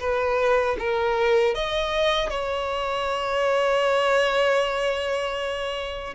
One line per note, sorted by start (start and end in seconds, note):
0.00 0.77 B4
0.79 1.55 A#4
1.55 2.30 D#5
2.30 6.15 C#5